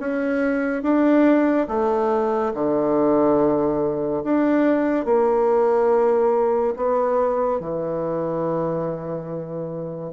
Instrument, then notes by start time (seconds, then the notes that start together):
bassoon
0.00 C#4
0.83 D4
1.68 A3
2.54 D3
4.24 D4
5.05 A#3
6.76 B3
7.60 E3